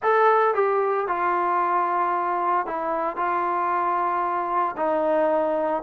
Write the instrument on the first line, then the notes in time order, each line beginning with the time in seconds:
trombone
0.03 A4
0.54 G4
1.07 F4
2.66 E4
3.16 F4
4.76 D#4